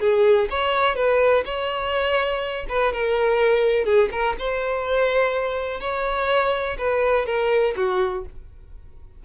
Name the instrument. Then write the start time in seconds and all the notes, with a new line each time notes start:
violin
0.00 G#4
0.50 C#5
0.96 B4
1.45 C#5
2.69 B4
2.93 A#4
3.85 G#4
4.12 A#4
4.39 C5
5.80 C#5
6.78 B4
7.26 A#4
7.76 F#4